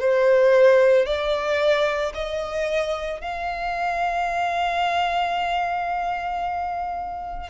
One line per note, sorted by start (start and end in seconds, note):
0.00 1.06 C5
1.06 2.13 D5
2.14 3.21 D#5
3.21 7.50 F5